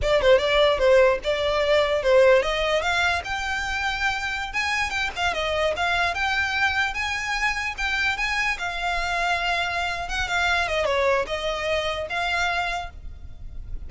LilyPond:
\new Staff \with { instrumentName = "violin" } { \time 4/4 \tempo 4 = 149 d''8 c''8 d''4 c''4 d''4~ | d''4 c''4 dis''4 f''4 | g''2.~ g''16 gis''8.~ | gis''16 g''8 f''8 dis''4 f''4 g''8.~ |
g''4~ g''16 gis''2 g''8.~ | g''16 gis''4 f''2~ f''8.~ | f''4 fis''8 f''4 dis''8 cis''4 | dis''2 f''2 | }